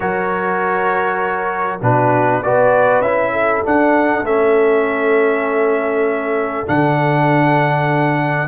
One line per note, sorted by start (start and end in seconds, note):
0.00 1.81 F#3
0.00 1.79 F#4
0.00 1.81 A#4
0.00 1.80 C#5
1.81 2.42 B2
1.81 2.43 D4
1.81 2.42 F#4
1.81 2.43 B4
2.42 3.00 B3
2.42 3.04 F#4
2.42 3.32 B4
2.42 3.01 D5
3.00 3.61 C#4
3.00 3.64 E4
3.00 3.62 E5
3.32 8.47 A4
3.64 4.24 D4
3.64 4.22 D4
3.64 4.25 F#5
4.22 6.64 A3
4.22 6.66 C#4
4.22 6.68 E5
6.66 8.47 D3
6.66 8.47 D4
6.66 8.47 F#5